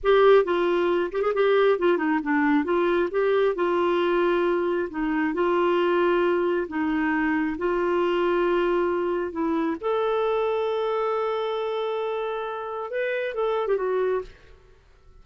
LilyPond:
\new Staff \with { instrumentName = "clarinet" } { \time 4/4 \tempo 4 = 135 g'4 f'4. g'16 gis'16 g'4 | f'8 dis'8 d'4 f'4 g'4 | f'2. dis'4 | f'2. dis'4~ |
dis'4 f'2.~ | f'4 e'4 a'2~ | a'1~ | a'4 b'4 a'8. g'16 fis'4 | }